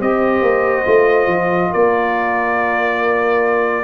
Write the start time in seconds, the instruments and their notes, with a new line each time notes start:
0.00 tuba C4, trombone G4, horn C5, trumpet D#5
0.42 tuba A#3
0.85 tuba A3, trombone F4
1.27 tuba F3
1.71 tuba A#3, horn A#4, trumpet D5